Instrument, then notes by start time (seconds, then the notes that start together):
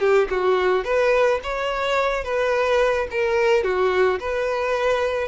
violin
0.00 G4
0.30 F#4
0.84 B4
1.43 C#5
2.24 B4
3.11 A#4
3.64 F#4
4.19 B4